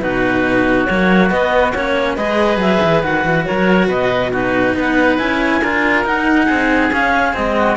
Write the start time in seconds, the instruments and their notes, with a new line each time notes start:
0.00 cello B2 D#4, oboe F#4, clarinet B4
0.86 cello F#3 A#3, clarinet C#5
1.30 cello B3, clarinet D#5
1.74 cello A#3 C#4, clarinet C#5
2.16 cello G#3 G#4, oboe B4, clarinet D#5
2.57 cello F#3, clarinet E5
2.84 cello E3
3.03 cello D#3 F#4, clarinet F#5
3.25 cello E3
3.45 cello F#3, oboe A#4, clarinet C#5
3.88 cello B2, oboe B4, clarinet D#5
4.32 cello D#4, oboe F#4, clarinet B4
4.76 cello B3, oboe B4, clarinet F#5
5.18 cello C#4 E4, clarinet G#5
5.62 cello D4 F4, oboe A#4
6.05 cello D#4, clarinet F#5
6.46 cello C4, oboe G#4
6.91 cello C#4, clarinet F5
7.33 cello G#3 C4, clarinet D#5
7.58 oboe F#4